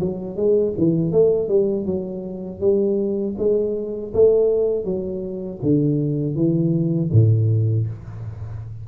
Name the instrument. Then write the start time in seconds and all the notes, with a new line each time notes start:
tuba
0.00 F#3
0.36 G#3
0.78 E3
1.12 A3
1.49 G3
1.85 F#3
2.60 G3
3.38 G#3
4.14 A3
4.84 F#3
5.62 D3
6.35 E3
7.12 A2